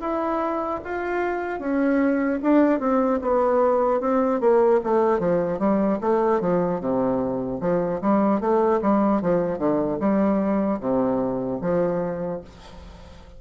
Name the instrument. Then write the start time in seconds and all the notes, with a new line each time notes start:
bassoon
0.00 E4
0.84 F4
1.60 C#4
2.42 D4
2.80 C4
3.22 B3
4.00 C4
4.40 A#3
4.84 A3
5.19 F3
5.59 G3
6.01 A3
6.40 F3
6.80 C3
7.60 F3
8.01 G3
8.40 A3
8.82 G3
9.21 F3
9.58 D3
9.99 G3
10.80 C3
11.61 F3